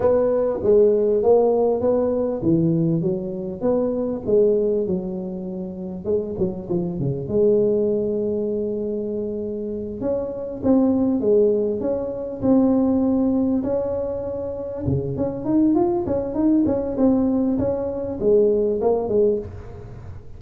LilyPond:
\new Staff \with { instrumentName = "tuba" } { \time 4/4 \tempo 4 = 99 b4 gis4 ais4 b4 | e4 fis4 b4 gis4 | fis2 gis8 fis8 f8 cis8 | gis1~ |
gis8 cis'4 c'4 gis4 cis'8~ | cis'8 c'2 cis'4.~ | cis'8 cis8 cis'8 dis'8 f'8 cis'8 dis'8 cis'8 | c'4 cis'4 gis4 ais8 gis8 | }